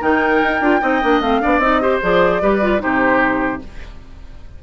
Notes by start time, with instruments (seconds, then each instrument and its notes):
0.00 bassoon D#3, clarinet D#4, oboe A#4, flute G5
0.43 bassoon D#4
0.61 bassoon D4, clarinet F4
0.81 bassoon C4, clarinet D#4, oboe D#5
1.02 bassoon A#3, clarinet D4
1.21 bassoon A3, clarinet C4, flute F5
1.41 bassoon B3, clarinet D4, oboe D5
1.59 bassoon C4, clarinet D#4, flute D#5
1.82 clarinet G4, oboe C5
2.02 bassoon F3, clarinet G#4, flute D5
2.42 bassoon G3, clarinet G4, oboe B4
2.62 clarinet F4
2.79 bassoon C3, clarinet D#4, oboe G4, flute C5